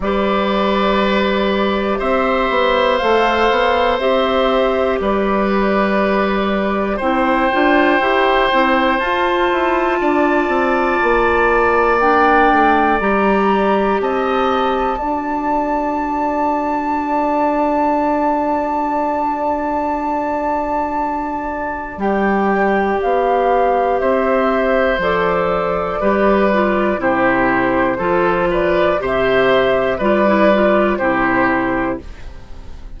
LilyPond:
<<
  \new Staff \with { instrumentName = "flute" } { \time 4/4 \tempo 4 = 60 d''2 e''4 f''4 | e''4 d''2 g''4~ | g''4 a''2. | g''4 ais''4 a''2~ |
a''1~ | a''2 g''4 f''4 | e''4 d''2 c''4~ | c''8 d''8 e''4 d''4 c''4 | }
  \new Staff \with { instrumentName = "oboe" } { \time 4/4 b'2 c''2~ | c''4 b'2 c''4~ | c''2 d''2~ | d''2 dis''4 d''4~ |
d''1~ | d''1 | c''2 b'4 g'4 | a'8 b'8 c''4 b'4 g'4 | }
  \new Staff \with { instrumentName = "clarinet" } { \time 4/4 g'2. a'4 | g'2. e'8 f'8 | g'8 e'8 f'2. | d'4 g'2 fis'4~ |
fis'1~ | fis'2 g'2~ | g'4 a'4 g'8 f'8 e'4 | f'4 g'4 f'16 e'16 f'8 e'4 | }
  \new Staff \with { instrumentName = "bassoon" } { \time 4/4 g2 c'8 b8 a8 b8 | c'4 g2 c'8 d'8 | e'8 c'8 f'8 e'8 d'8 c'8 ais4~ | ais8 a8 g4 c'4 d'4~ |
d'1~ | d'2 g4 b4 | c'4 f4 g4 c4 | f4 c4 g4 c4 | }
>>